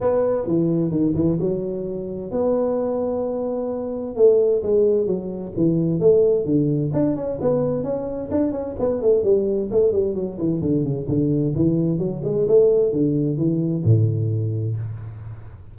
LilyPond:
\new Staff \with { instrumentName = "tuba" } { \time 4/4 \tempo 4 = 130 b4 e4 dis8 e8 fis4~ | fis4 b2.~ | b4 a4 gis4 fis4 | e4 a4 d4 d'8 cis'8 |
b4 cis'4 d'8 cis'8 b8 a8 | g4 a8 g8 fis8 e8 d8 cis8 | d4 e4 fis8 gis8 a4 | d4 e4 a,2 | }